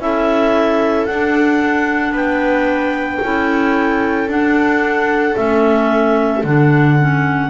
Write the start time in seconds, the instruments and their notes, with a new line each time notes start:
0.00 double bass C#4, clarinet E4 E5, viola A4
1.06 double bass D4, clarinet D4 F#5
2.12 double bass B3, viola B4, clarinet G5
3.22 double bass C#4, clarinet E4, viola A4
4.28 double bass D4, clarinet D4 F#5
5.36 double bass A3, clarinet C#4 E5
6.44 double bass D3, clarinet D4 F#5
6.99 clarinet C#4